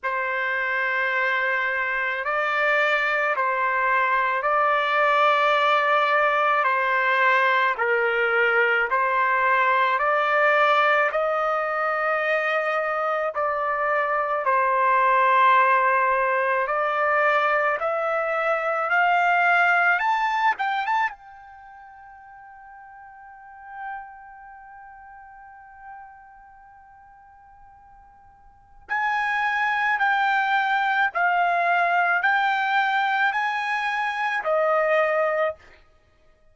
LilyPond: \new Staff \with { instrumentName = "trumpet" } { \time 4/4 \tempo 4 = 54 c''2 d''4 c''4 | d''2 c''4 ais'4 | c''4 d''4 dis''2 | d''4 c''2 d''4 |
e''4 f''4 a''8 g''16 a''16 g''4~ | g''1~ | g''2 gis''4 g''4 | f''4 g''4 gis''4 dis''4 | }